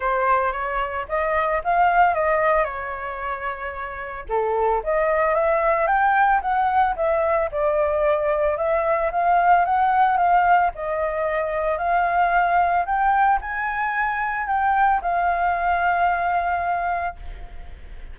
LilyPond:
\new Staff \with { instrumentName = "flute" } { \time 4/4 \tempo 4 = 112 c''4 cis''4 dis''4 f''4 | dis''4 cis''2. | a'4 dis''4 e''4 g''4 | fis''4 e''4 d''2 |
e''4 f''4 fis''4 f''4 | dis''2 f''2 | g''4 gis''2 g''4 | f''1 | }